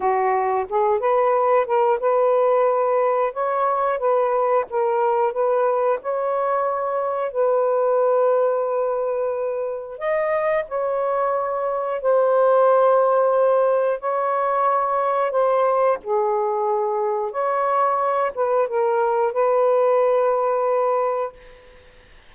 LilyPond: \new Staff \with { instrumentName = "saxophone" } { \time 4/4 \tempo 4 = 90 fis'4 gis'8 b'4 ais'8 b'4~ | b'4 cis''4 b'4 ais'4 | b'4 cis''2 b'4~ | b'2. dis''4 |
cis''2 c''2~ | c''4 cis''2 c''4 | gis'2 cis''4. b'8 | ais'4 b'2. | }